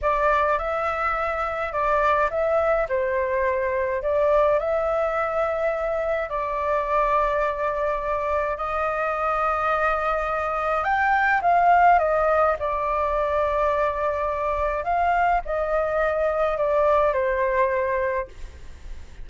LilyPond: \new Staff \with { instrumentName = "flute" } { \time 4/4 \tempo 4 = 105 d''4 e''2 d''4 | e''4 c''2 d''4 | e''2. d''4~ | d''2. dis''4~ |
dis''2. g''4 | f''4 dis''4 d''2~ | d''2 f''4 dis''4~ | dis''4 d''4 c''2 | }